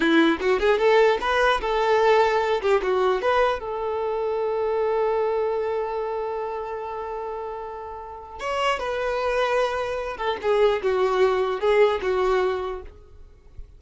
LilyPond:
\new Staff \with { instrumentName = "violin" } { \time 4/4 \tempo 4 = 150 e'4 fis'8 gis'8 a'4 b'4 | a'2~ a'8 g'8 fis'4 | b'4 a'2.~ | a'1~ |
a'1~ | a'4 cis''4 b'2~ | b'4. a'8 gis'4 fis'4~ | fis'4 gis'4 fis'2 | }